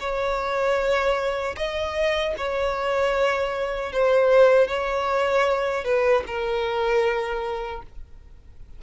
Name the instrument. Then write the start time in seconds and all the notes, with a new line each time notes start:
violin
0.00 C#5
1.57 D#5
2.37 C#5
3.92 C5
4.68 C#5
5.84 B4
6.27 A#4